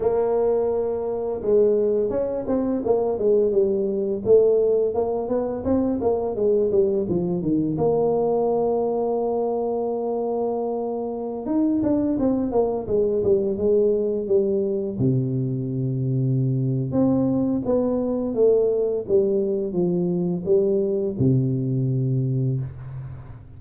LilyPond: \new Staff \with { instrumentName = "tuba" } { \time 4/4 \tempo 4 = 85 ais2 gis4 cis'8 c'8 | ais8 gis8 g4 a4 ais8 b8 | c'8 ais8 gis8 g8 f8 dis8 ais4~ | ais1~ |
ais16 dis'8 d'8 c'8 ais8 gis8 g8 gis8.~ | gis16 g4 c2~ c8. | c'4 b4 a4 g4 | f4 g4 c2 | }